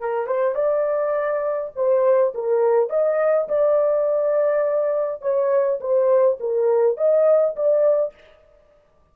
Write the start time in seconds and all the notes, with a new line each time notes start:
0.00 A#4
0.27 C5
0.55 D5
1.75 C5
2.34 A#4
2.89 D#5
3.48 D5
5.21 C#5
5.80 C5
6.40 A#4
6.97 D#5
7.56 D5